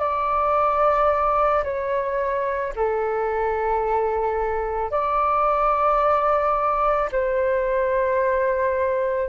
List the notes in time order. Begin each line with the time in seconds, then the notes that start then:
0.00 D5
1.65 C#5
2.76 A4
4.92 D5
7.12 C5